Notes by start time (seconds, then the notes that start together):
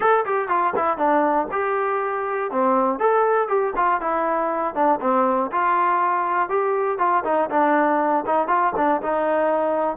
0.00 A4
0.25 G4
0.48 F4
0.76 E4
0.97 D4
1.51 G4
2.51 C4
2.99 A4
3.48 G4
3.75 F4
4.00 E4
4.74 D4
5.00 C4
5.51 F4
6.49 G4
6.98 F4
7.24 D#4
7.50 D4
8.25 D#4
8.47 F4
8.76 D4
9.02 D#4